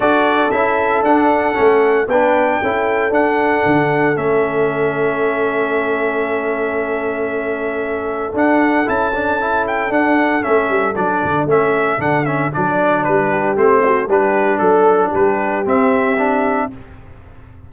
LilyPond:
<<
  \new Staff \with { instrumentName = "trumpet" } { \time 4/4 \tempo 4 = 115 d''4 e''4 fis''2 | g''2 fis''2 | e''1~ | e''1 |
fis''4 a''4. g''8 fis''4 | e''4 d''4 e''4 fis''8 e''8 | d''4 b'4 c''4 b'4 | a'4 b'4 e''2 | }
  \new Staff \with { instrumentName = "horn" } { \time 4/4 a'1 | b'4 a'2.~ | a'1~ | a'1~ |
a'1~ | a'1~ | a'4. g'4 fis'8 g'4 | a'4 g'2. | }
  \new Staff \with { instrumentName = "trombone" } { \time 4/4 fis'4 e'4 d'4 cis'4 | d'4 e'4 d'2 | cis'1~ | cis'1 |
d'4 e'8 d'8 e'4 d'4 | cis'4 d'4 cis'4 d'8 cis'8 | d'2 c'4 d'4~ | d'2 c'4 d'4 | }
  \new Staff \with { instrumentName = "tuba" } { \time 4/4 d'4 cis'4 d'4 a4 | b4 cis'4 d'4 d4 | a1~ | a1 |
d'4 cis'2 d'4 | a8 g8 fis8 d8 a4 d4 | fis4 g4 a4 g4 | fis4 g4 c'2 | }
>>